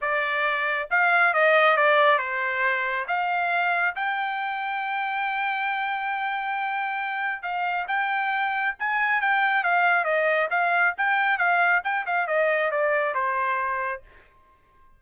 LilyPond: \new Staff \with { instrumentName = "trumpet" } { \time 4/4 \tempo 4 = 137 d''2 f''4 dis''4 | d''4 c''2 f''4~ | f''4 g''2.~ | g''1~ |
g''4 f''4 g''2 | gis''4 g''4 f''4 dis''4 | f''4 g''4 f''4 g''8 f''8 | dis''4 d''4 c''2 | }